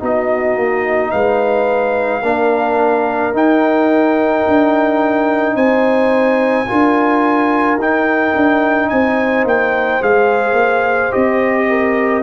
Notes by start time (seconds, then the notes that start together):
0.00 B3 D#4 F#4 D#5
0.56 A#3
1.12 G#3 B4 F5
2.23 A#3 D4 A#4
3.33 D#4 G5
4.48 D4
5.55 C4 C5 G#5
6.68 D4 F4 A#4
7.76 D#4 G5
8.36 D4
8.90 C4 C5 G#5
9.44 A#3 G5
10.02 G#3 G#4 F5
10.53 A#3
11.12 C4 G4 D#5
11.70 A#4